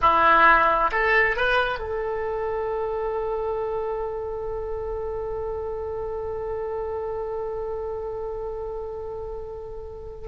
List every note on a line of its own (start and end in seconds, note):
0.01 0.91 E4
0.91 1.36 A4
1.36 1.79 B4
1.79 10.28 A4